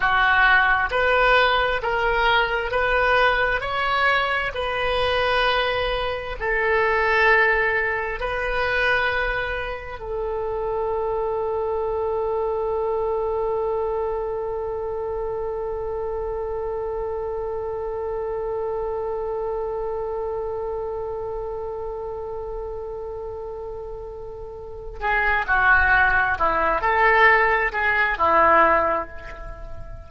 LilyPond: \new Staff \with { instrumentName = "oboe" } { \time 4/4 \tempo 4 = 66 fis'4 b'4 ais'4 b'4 | cis''4 b'2 a'4~ | a'4 b'2 a'4~ | a'1~ |
a'1~ | a'1~ | a'2.~ a'8 gis'8 | fis'4 e'8 a'4 gis'8 e'4 | }